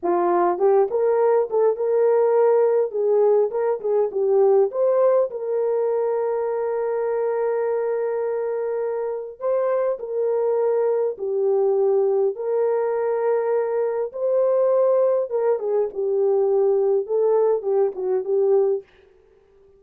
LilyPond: \new Staff \with { instrumentName = "horn" } { \time 4/4 \tempo 4 = 102 f'4 g'8 ais'4 a'8 ais'4~ | ais'4 gis'4 ais'8 gis'8 g'4 | c''4 ais'2.~ | ais'1 |
c''4 ais'2 g'4~ | g'4 ais'2. | c''2 ais'8 gis'8 g'4~ | g'4 a'4 g'8 fis'8 g'4 | }